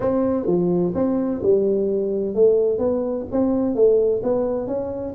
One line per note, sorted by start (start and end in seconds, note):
0.00 0.46 C4
0.46 0.93 F3
0.94 1.41 C4
1.42 2.34 G3
2.34 2.78 A3
2.78 3.25 B3
3.31 3.75 C4
3.75 4.22 A3
4.23 4.67 B3
4.67 5.14 C#4